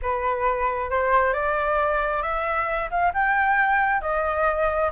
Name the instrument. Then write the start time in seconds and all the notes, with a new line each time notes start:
flute
0.02 B4
0.90 C5
1.33 D5
2.22 E5
2.90 F5
3.13 G5
4.01 D#5